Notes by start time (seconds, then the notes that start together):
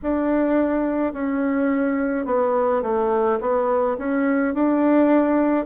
0.02 D4
1.13 C#4
2.25 B3
2.82 A3
3.40 B3
3.98 C#4
4.54 D4